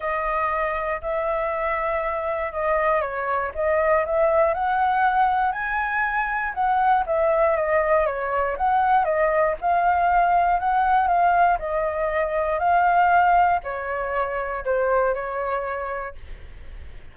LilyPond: \new Staff \with { instrumentName = "flute" } { \time 4/4 \tempo 4 = 119 dis''2 e''2~ | e''4 dis''4 cis''4 dis''4 | e''4 fis''2 gis''4~ | gis''4 fis''4 e''4 dis''4 |
cis''4 fis''4 dis''4 f''4~ | f''4 fis''4 f''4 dis''4~ | dis''4 f''2 cis''4~ | cis''4 c''4 cis''2 | }